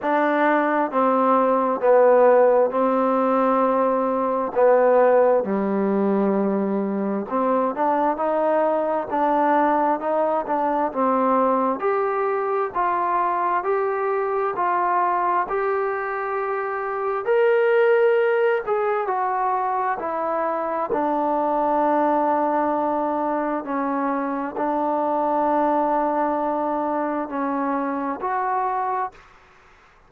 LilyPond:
\new Staff \with { instrumentName = "trombone" } { \time 4/4 \tempo 4 = 66 d'4 c'4 b4 c'4~ | c'4 b4 g2 | c'8 d'8 dis'4 d'4 dis'8 d'8 | c'4 g'4 f'4 g'4 |
f'4 g'2 ais'4~ | ais'8 gis'8 fis'4 e'4 d'4~ | d'2 cis'4 d'4~ | d'2 cis'4 fis'4 | }